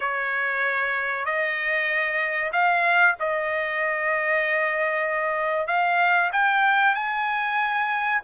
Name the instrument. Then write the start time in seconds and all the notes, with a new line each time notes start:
trumpet
0.00 C#5
1.25 D#5
2.52 F5
3.19 D#5
5.67 F5
6.32 G5
6.94 G#5